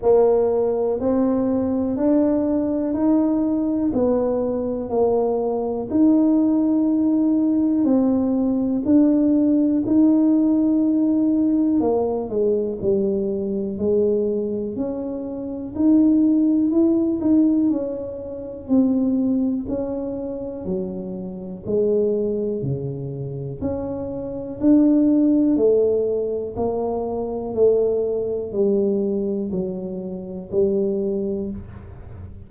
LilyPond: \new Staff \with { instrumentName = "tuba" } { \time 4/4 \tempo 4 = 61 ais4 c'4 d'4 dis'4 | b4 ais4 dis'2 | c'4 d'4 dis'2 | ais8 gis8 g4 gis4 cis'4 |
dis'4 e'8 dis'8 cis'4 c'4 | cis'4 fis4 gis4 cis4 | cis'4 d'4 a4 ais4 | a4 g4 fis4 g4 | }